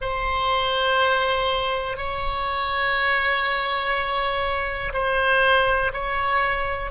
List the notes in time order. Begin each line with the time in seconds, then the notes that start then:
0.00 C5
1.97 C#5
4.93 C5
5.93 C#5